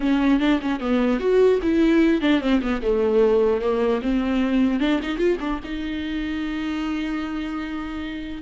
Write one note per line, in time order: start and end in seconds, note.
0.00 0.39 C#4
0.39 0.59 D4
0.61 0.80 C#4
0.80 1.19 B3
1.19 1.59 F#4
1.62 2.21 E4
2.21 2.40 D4
2.40 2.60 C4
2.61 2.81 B3
2.81 3.61 A3
3.61 4.01 A#3
4.02 4.79 C4
4.79 4.99 D4
5.02 5.17 D#4
5.17 5.37 F4
5.40 5.60 D4
5.64 8.42 D#4